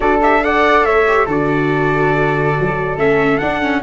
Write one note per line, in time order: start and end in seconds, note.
0.00 0.84 D4
0.00 0.21 F#4
0.00 0.43 A4
0.00 0.20 D5
0.22 0.40 G4
0.22 0.44 E5
0.40 1.04 A4
0.40 0.85 D5
0.40 0.84 F#5
0.84 1.27 A3
0.84 1.25 C#5
0.84 1.27 E5
1.07 1.28 G4
1.25 2.55 D3
1.25 2.97 F#4
1.25 3.81 A4
1.25 2.98 D5
2.60 2.97 F#3
2.97 3.39 A3
2.97 3.40 C#4
2.97 3.38 E5
3.38 3.61 D4
3.38 3.83 D4
3.38 3.80 F#5
3.61 3.82 C#4